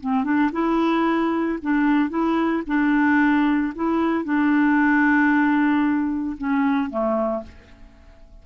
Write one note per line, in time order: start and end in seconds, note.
0.00 0.24 C4
0.24 0.50 D4
0.52 1.59 E4
1.62 2.09 D4
2.09 2.63 E4
2.67 3.73 D4
3.75 4.24 E4
4.24 6.37 D4
6.37 6.90 C#4
6.90 7.43 A3